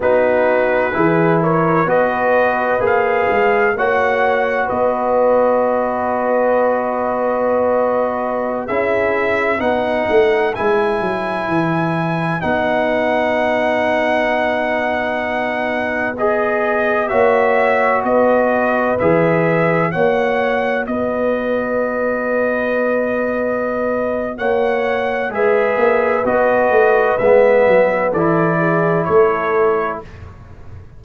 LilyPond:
<<
  \new Staff \with { instrumentName = "trumpet" } { \time 4/4 \tempo 4 = 64 b'4. cis''8 dis''4 f''4 | fis''4 dis''2.~ | dis''4~ dis''16 e''4 fis''4 gis''8.~ | gis''4~ gis''16 fis''2~ fis''8.~ |
fis''4~ fis''16 dis''4 e''4 dis''8.~ | dis''16 e''4 fis''4 dis''4.~ dis''16~ | dis''2 fis''4 e''4 | dis''4 e''4 d''4 cis''4 | }
  \new Staff \with { instrumentName = "horn" } { \time 4/4 fis'4 gis'8 ais'8 b'2 | cis''4 b'2.~ | b'4~ b'16 gis'4 b'4.~ b'16~ | b'1~ |
b'2~ b'16 cis''4 b'8.~ | b'4~ b'16 cis''4 b'4.~ b'16~ | b'2 cis''4 b'4~ | b'2 a'8 gis'8 a'4 | }
  \new Staff \with { instrumentName = "trombone" } { \time 4/4 dis'4 e'4 fis'4 gis'4 | fis'1~ | fis'4~ fis'16 e'4 dis'4 e'8.~ | e'4~ e'16 dis'2~ dis'8.~ |
dis'4~ dis'16 gis'4 fis'4.~ fis'16~ | fis'16 gis'4 fis'2~ fis'8.~ | fis'2. gis'4 | fis'4 b4 e'2 | }
  \new Staff \with { instrumentName = "tuba" } { \time 4/4 b4 e4 b4 ais8 gis8 | ais4 b2.~ | b4~ b16 cis'4 b8 a8 gis8 fis16~ | fis16 e4 b2~ b8.~ |
b2~ b16 ais4 b8.~ | b16 e4 ais4 b4.~ b16~ | b2 ais4 gis8 ais8 | b8 a8 gis8 fis8 e4 a4 | }
>>